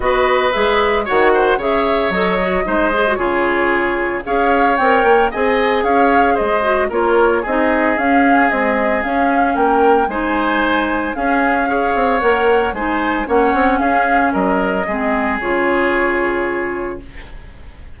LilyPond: <<
  \new Staff \with { instrumentName = "flute" } { \time 4/4 \tempo 4 = 113 dis''4 e''4 fis''4 e''4 | dis''2 cis''2 | f''4 g''4 gis''4 f''4 | dis''4 cis''4 dis''4 f''4 |
dis''4 f''4 g''4 gis''4~ | gis''4 f''2 fis''4 | gis''4 fis''4 f''4 dis''4~ | dis''4 cis''2. | }
  \new Staff \with { instrumentName = "oboe" } { \time 4/4 b'2 cis''8 c''8 cis''4~ | cis''4 c''4 gis'2 | cis''2 dis''4 cis''4 | c''4 ais'4 gis'2~ |
gis'2 ais'4 c''4~ | c''4 gis'4 cis''2 | c''4 cis''4 gis'4 ais'4 | gis'1 | }
  \new Staff \with { instrumentName = "clarinet" } { \time 4/4 fis'4 gis'4 fis'4 gis'4 | a'8 fis'8 dis'8 gis'16 fis'16 f'2 | gis'4 ais'4 gis'2~ | gis'8 fis'8 f'4 dis'4 cis'4 |
gis4 cis'2 dis'4~ | dis'4 cis'4 gis'4 ais'4 | dis'4 cis'2. | c'4 f'2. | }
  \new Staff \with { instrumentName = "bassoon" } { \time 4/4 b4 gis4 dis4 cis4 | fis4 gis4 cis2 | cis'4 c'8 ais8 c'4 cis'4 | gis4 ais4 c'4 cis'4 |
c'4 cis'4 ais4 gis4~ | gis4 cis'4. c'8 ais4 | gis4 ais8 c'8 cis'4 fis4 | gis4 cis2. | }
>>